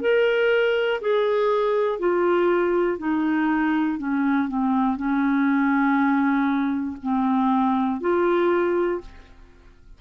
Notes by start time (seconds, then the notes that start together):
0.00 A#4
1.00 G#4
1.99 F4
2.98 D#4
3.98 C#4
4.48 C4
4.96 C#4
7.02 C4
8.00 F4